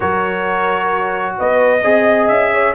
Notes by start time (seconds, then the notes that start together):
0.00 F#3 F#4 A#4 C#5
1.37 B3 B4 D#5
1.82 C4 G#4 D#5
2.27 C#4 E5
2.52 C#5